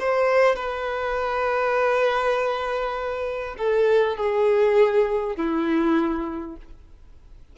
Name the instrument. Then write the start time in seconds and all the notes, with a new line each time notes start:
violin
0.00 C5
0.56 B4
3.58 A4
4.17 G#4
5.37 E4